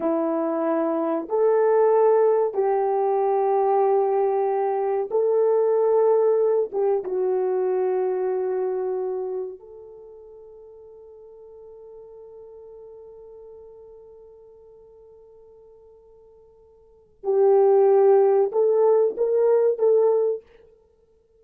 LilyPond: \new Staff \with { instrumentName = "horn" } { \time 4/4 \tempo 4 = 94 e'2 a'2 | g'1 | a'2~ a'8 g'8 fis'4~ | fis'2. a'4~ |
a'1~ | a'1~ | a'2. g'4~ | g'4 a'4 ais'4 a'4 | }